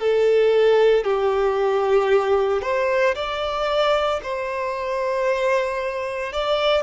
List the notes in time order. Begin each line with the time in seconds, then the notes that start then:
0.00 A4
1.04 G4
2.62 C5
3.15 D5
4.23 C5
6.33 D5